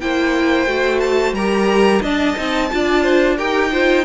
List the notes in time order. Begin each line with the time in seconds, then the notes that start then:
0.00 A#3 E4 C5 G5
0.66 A3 F#4
1.00 A5
1.32 G3 G4 A#4 A#5
2.02 D4 D#5 A5
2.37 C4 D#4
2.71 D4 F4 D5
3.02 C5
3.36 D#4 G4 A#4 G5
3.71 F4 C5